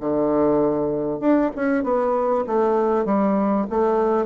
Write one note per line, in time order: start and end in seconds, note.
0.00 1.20 D3
1.20 1.51 D4
1.56 1.84 C#4
1.84 2.45 B3
2.47 3.05 A3
3.05 3.67 G3
3.70 4.26 A3